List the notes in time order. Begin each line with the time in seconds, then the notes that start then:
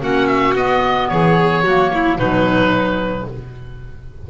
0.00 A#3 C#4 F#4 F#5
0.27 E5
0.55 B3 D#5
1.09 E3 G#4 C#5
1.64 F#3 A#3 F#4
1.94 E4
2.18 B2 F#3 D#4 B4